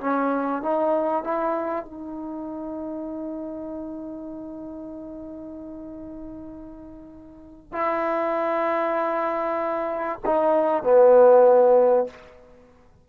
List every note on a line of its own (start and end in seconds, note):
0.00 0.62 C#4
0.62 1.24 D#4
1.24 1.85 E4
1.85 7.72 D#4
7.72 10.19 E4
10.25 10.83 D#4
10.83 12.07 B3